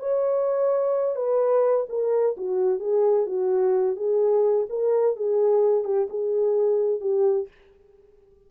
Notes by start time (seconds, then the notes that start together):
0.00 C#5
1.16 B4
1.90 A#4
2.37 F#4
2.80 G#4
3.27 F#4
3.97 G#4
4.70 A#4
5.17 G#4
5.85 G4
6.10 G#4
7.01 G4